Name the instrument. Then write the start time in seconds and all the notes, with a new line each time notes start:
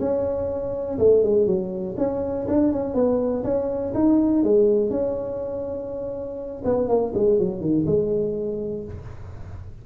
tuba
0.00 C#4
0.99 A3
1.23 G#3
1.46 F#3
1.98 C#4
2.48 D4
2.72 C#4
2.94 B3
3.44 C#4
3.94 D#4
4.44 G#3
4.90 C#4
6.65 B3
6.88 A#3
7.14 G#3
7.39 F#3
7.61 D#3
7.86 G#3